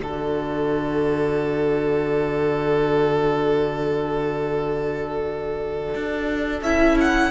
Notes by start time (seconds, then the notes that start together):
0.00 D3 F#4 A4 D5
5.95 D4
6.62 C#4 E4 E5
7.01 F#5